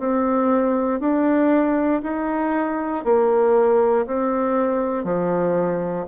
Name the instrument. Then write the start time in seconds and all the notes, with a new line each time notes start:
bassoon
0.00 C4
1.00 D4
2.03 D#4
3.05 A#3
4.07 C4
5.04 F3